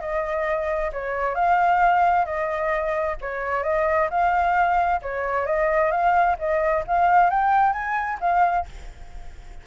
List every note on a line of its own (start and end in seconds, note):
0.00 0.91 D#5
0.92 1.35 C#5
1.35 2.25 F5
2.25 3.16 D#5
3.21 3.63 C#5
3.63 4.08 D#5
4.10 5.01 F5
5.02 5.46 C#5
5.46 5.91 D#5
5.91 6.36 F5
6.38 6.84 D#5
6.87 7.30 F5
7.30 7.73 G5
7.73 8.18 G#5
8.20 8.66 F5